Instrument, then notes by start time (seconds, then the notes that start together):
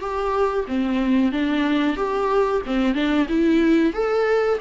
viola
0.00 G4
0.67 C4
1.32 D4
1.96 G4
2.66 C4
2.94 D4
3.28 E4
3.93 A4